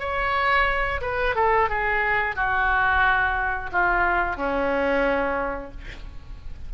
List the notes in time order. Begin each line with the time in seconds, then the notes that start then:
0.00 C#5
1.02 B4
1.36 A4
1.69 G#4
2.36 F#4
3.72 F4
4.37 C#4